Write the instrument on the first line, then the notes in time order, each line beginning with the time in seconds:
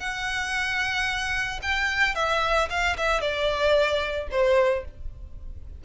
violin
0.00 F#5
1.63 G5
2.16 E5
2.70 F5
2.97 E5
3.21 D5
4.31 C5